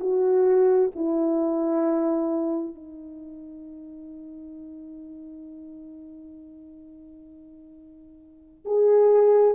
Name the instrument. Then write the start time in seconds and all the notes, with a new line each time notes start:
horn
0.00 F#4
0.95 E4
2.75 D#4
8.65 G#4